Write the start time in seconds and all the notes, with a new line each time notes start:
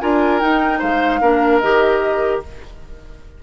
0.00 D4 F4 A#4 G#5
0.40 D#4 G5
0.79 G#3 C5 F5
1.21 A#3 D4 A#4
1.59 D#3 G4 D#5